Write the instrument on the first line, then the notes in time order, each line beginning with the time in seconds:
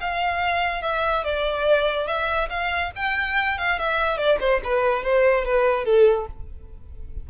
violin
0.00 F5
0.82 E5
1.24 D5
2.07 E5
2.49 F5
2.95 G5
3.58 F5
3.79 E5
4.17 D5
4.40 C5
4.64 B4
5.03 C5
5.45 B4
5.85 A4